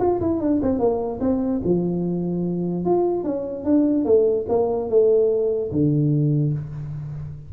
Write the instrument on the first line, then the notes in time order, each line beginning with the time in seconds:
tuba
0.00 F4
0.21 E4
0.40 D4
0.63 C4
0.79 A#3
1.21 C4
1.64 F3
2.86 F4
3.24 C#4
3.65 D4
4.05 A3
4.49 A#3
4.90 A3
5.72 D3